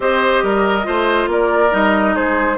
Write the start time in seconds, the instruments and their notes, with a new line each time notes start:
0.00 bassoon C4, clarinet G4, oboe C5, flute D#5
0.42 bassoon G3, oboe A#4
0.83 bassoon A3, clarinet F4, oboe C5
1.27 bassoon A#3, oboe A#4, flute D5
1.70 bassoon G3, clarinet D#4, flute D#5
2.15 bassoon G#3, oboe G#4, flute C5